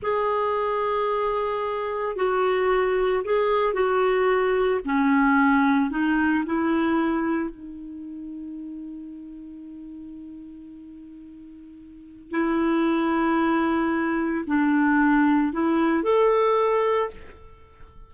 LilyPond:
\new Staff \with { instrumentName = "clarinet" } { \time 4/4 \tempo 4 = 112 gis'1 | fis'2 gis'4 fis'4~ | fis'4 cis'2 dis'4 | e'2 dis'2~ |
dis'1~ | dis'2. e'4~ | e'2. d'4~ | d'4 e'4 a'2 | }